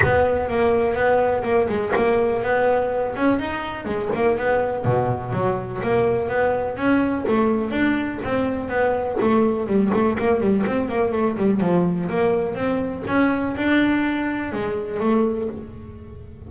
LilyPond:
\new Staff \with { instrumentName = "double bass" } { \time 4/4 \tempo 4 = 124 b4 ais4 b4 ais8 gis8 | ais4 b4. cis'8 dis'4 | gis8 ais8 b4 b,4 fis4 | ais4 b4 cis'4 a4 |
d'4 c'4 b4 a4 | g8 a8 ais8 g8 c'8 ais8 a8 g8 | f4 ais4 c'4 cis'4 | d'2 gis4 a4 | }